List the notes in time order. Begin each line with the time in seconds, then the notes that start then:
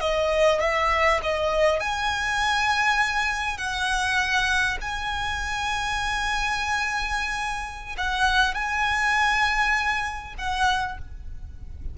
0.00 D#5
0.60 E5
1.22 D#5
1.80 G#5
3.58 F#5
4.81 G#5
7.97 F#5
8.54 G#5
10.38 F#5